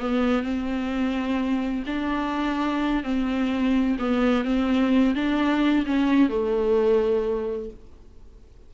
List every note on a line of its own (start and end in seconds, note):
0.00 0.43 B3
0.43 1.84 C4
1.87 3.04 D4
3.04 3.98 C4
3.99 4.45 B3
4.45 5.15 C4
5.15 5.86 D4
5.86 6.30 C#4
6.30 7.70 A3